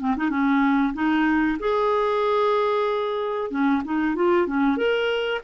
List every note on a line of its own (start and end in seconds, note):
0.00 0.16 C4
0.17 0.30 D#4
0.30 0.94 C#4
0.94 1.58 D#4
1.60 3.51 G#4
3.51 3.83 C#4
3.85 4.15 D#4
4.15 4.47 F4
4.47 4.77 C#4
4.77 5.41 A#4